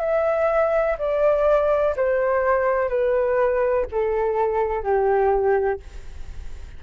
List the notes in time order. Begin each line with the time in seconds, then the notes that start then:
0.00 E5
0.99 D5
1.97 C5
2.89 B4
3.91 A4
4.83 G4